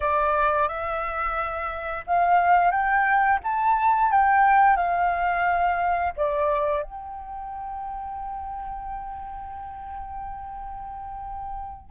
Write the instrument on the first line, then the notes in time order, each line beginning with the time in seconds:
flute
0.00 D5
0.68 E5
2.06 F5
2.71 G5
3.43 A5
4.11 G5
4.76 F5
6.16 D5
6.82 G5